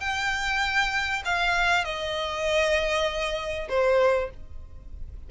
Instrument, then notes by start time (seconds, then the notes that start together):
violin
0.00 G5
1.24 F5
1.84 D#5
3.69 C5